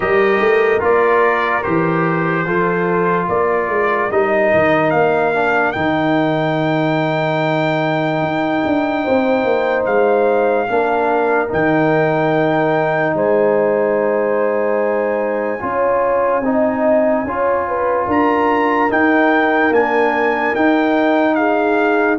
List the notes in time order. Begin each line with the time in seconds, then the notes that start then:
0.00 G3 G4 A#4 D#5
0.40 A3
0.79 A#3 F4 D5
1.62 E3 G4 C5
2.46 F3 F4 A4
3.27 A#3 A#4 D5
3.68 G#3
4.11 G3 D#4 D#5
4.53 D#3
4.90 A#3 F5
5.34 D4
5.72 D#3 D#4 G5
8.21 D#4
8.65 D4
9.03 C4 C5
9.44 A#3
9.85 G#3 F5
10.68 A#3 D4 A#4
11.47 D#3 D#4 G5
13.14 G#3 C5 G#5
15.60 C#4 F4 C#5
16.40 C4 D#4 D#5
17.24 C#4 F4 C#5
17.68 B4
18.06 D4 A#4 A#5
18.89 D#4 G5
19.70 A#3 D4 G#5
20.55 D#4 G5
21.34 G#4 F5